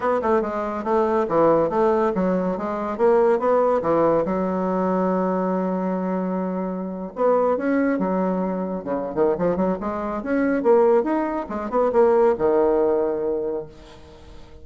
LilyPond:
\new Staff \with { instrumentName = "bassoon" } { \time 4/4 \tempo 4 = 141 b8 a8 gis4 a4 e4 | a4 fis4 gis4 ais4 | b4 e4 fis2~ | fis1~ |
fis8. b4 cis'4 fis4~ fis16~ | fis8. cis8. dis8 f8 fis8 gis4 | cis'4 ais4 dis'4 gis8 b8 | ais4 dis2. | }